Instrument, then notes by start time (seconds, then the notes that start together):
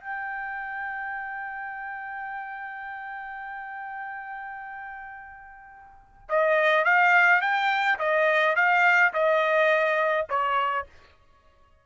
trumpet
0.00 G5
6.29 D#5
6.84 F5
7.41 G5
7.99 D#5
8.56 F5
9.13 D#5
10.29 C#5